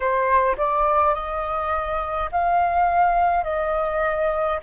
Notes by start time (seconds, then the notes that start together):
0.00 C5
0.57 D5
1.14 D#5
2.31 F5
3.43 D#5